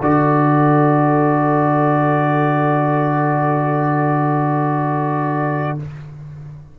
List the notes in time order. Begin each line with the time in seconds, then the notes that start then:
0.00 D3 F#4 A4 D5